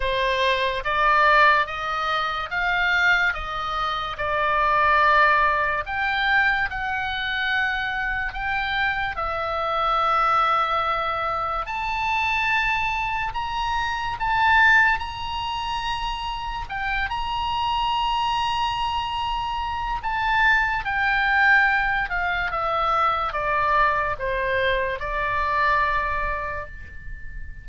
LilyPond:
\new Staff \with { instrumentName = "oboe" } { \time 4/4 \tempo 4 = 72 c''4 d''4 dis''4 f''4 | dis''4 d''2 g''4 | fis''2 g''4 e''4~ | e''2 a''2 |
ais''4 a''4 ais''2 | g''8 ais''2.~ ais''8 | a''4 g''4. f''8 e''4 | d''4 c''4 d''2 | }